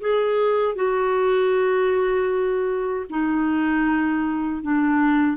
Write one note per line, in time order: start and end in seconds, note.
0.00 0.75 G#4
0.75 3.06 F#4
3.09 4.62 D#4
4.62 5.37 D4